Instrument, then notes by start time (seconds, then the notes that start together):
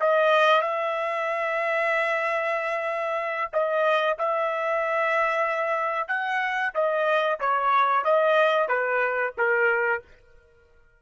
trumpet
0.00 D#5
0.61 E5
3.53 D#5
4.18 E5
6.08 F#5
6.74 D#5
7.40 C#5
8.04 D#5
8.68 B4
9.38 A#4